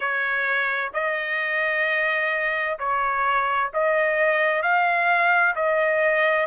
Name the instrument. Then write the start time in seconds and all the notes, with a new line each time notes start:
trumpet
0.00 C#5
0.93 D#5
2.78 C#5
3.73 D#5
4.62 F5
5.56 D#5